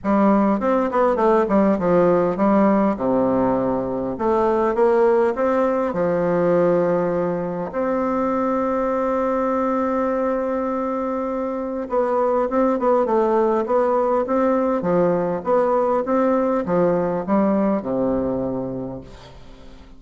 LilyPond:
\new Staff \with { instrumentName = "bassoon" } { \time 4/4 \tempo 4 = 101 g4 c'8 b8 a8 g8 f4 | g4 c2 a4 | ais4 c'4 f2~ | f4 c'2.~ |
c'1 | b4 c'8 b8 a4 b4 | c'4 f4 b4 c'4 | f4 g4 c2 | }